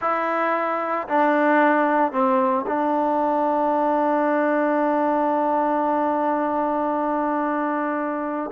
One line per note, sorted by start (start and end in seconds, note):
0.01 1.07 E4
1.08 2.11 D4
2.11 2.65 C4
2.66 8.51 D4